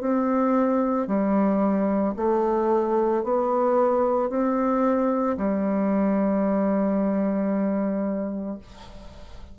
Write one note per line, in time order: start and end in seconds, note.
0.00 1.07 C4
1.07 2.14 G3
2.16 3.23 A3
3.23 4.30 B3
4.30 5.37 C4
5.37 8.58 G3